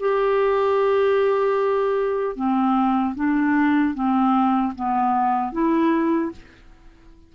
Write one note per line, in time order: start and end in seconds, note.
0.00 2.36 G4
2.36 3.15 C4
3.15 3.94 D4
3.94 4.73 C4
4.75 5.52 B3
5.52 6.31 E4